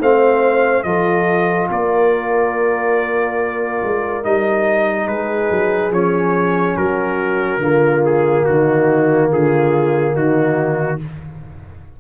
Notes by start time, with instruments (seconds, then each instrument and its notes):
0.00 tuba A3, trombone C4, horn C5, trumpet F5
0.83 tuba F3, trombone F4, horn A4, trumpet D#5
1.71 tuba A#3, horn A#4, trumpet D5
3.83 tuba G#3
4.24 tuba G3, trombone D#4, trumpet D#5
5.08 tuba G#3, horn G#4, trumpet B4
5.51 tuba F#3
5.91 tuba F3, trombone C#4, trumpet C#5
6.77 tuba F#3, horn F#4, trumpet A#4
7.58 tuba D3, trombone A#3, horn F4
8.05 trumpet G#4
8.45 tuba D#3, horn D#4, trumpet F#4
9.31 tuba D3, horn F4, trumpet G#4
10.14 tuba D#3, horn D#4, trumpet F#4